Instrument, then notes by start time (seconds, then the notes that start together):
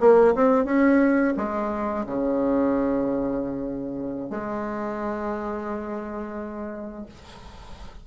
bassoon
0.00 A#3
0.35 C4
0.65 C#4
1.37 G#3
2.06 C#3
4.30 G#3